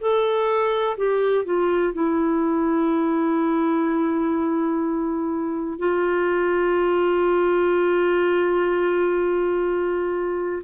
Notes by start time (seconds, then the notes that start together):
0.00 A4
0.97 G4
1.45 F4
1.93 E4
5.78 F4